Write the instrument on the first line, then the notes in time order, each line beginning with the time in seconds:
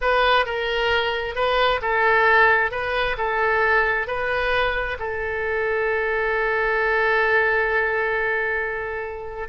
oboe
0.01 B4
0.45 A#4
1.35 B4
1.81 A4
2.71 B4
3.17 A4
4.07 B4
4.99 A4